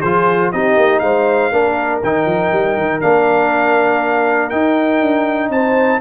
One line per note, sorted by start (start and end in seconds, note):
0.00 0.53 F3
0.00 0.53 F4
0.00 0.50 G#4
0.00 0.51 C5
0.52 0.77 C4
0.52 1.52 D#4
0.52 1.02 G4
0.52 0.99 D#5
0.77 1.02 A#3
0.99 1.52 G#3
0.99 1.51 C5
0.99 1.99 F5
1.51 2.02 A#3
1.51 2.02 D4
1.51 5.51 A#4
2.03 2.26 D#3
2.03 3.01 D#4
2.03 3.01 G5
2.26 2.51 F3
2.52 2.77 G3
2.77 3.02 D#3
3.01 4.52 A#3
3.01 4.51 D4
3.01 4.49 F5
4.49 6.00 D#4
4.49 5.01 D#4
4.49 5.49 G5
5.01 5.50 D4
5.50 6.00 C4
5.50 6.00 C5
5.50 6.00 A5